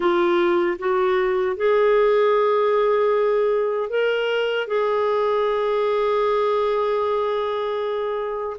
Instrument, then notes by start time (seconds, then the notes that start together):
clarinet
0.00 F4
0.78 F#4
1.56 G#4
3.89 A#4
4.67 G#4